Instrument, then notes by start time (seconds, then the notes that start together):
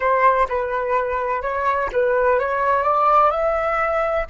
flute
0.00 C5
0.48 B4
1.42 C#5
1.92 B4
2.39 C#5
2.83 D5
3.30 E5